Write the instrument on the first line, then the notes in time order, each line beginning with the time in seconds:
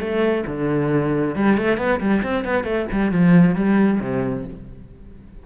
cello
0.00 A3
0.47 D3
1.36 G3
1.58 A3
1.78 B3
2.00 G3
2.23 C4
2.45 B3
2.64 A3
2.92 G3
3.12 F3
3.56 G3
4.00 C3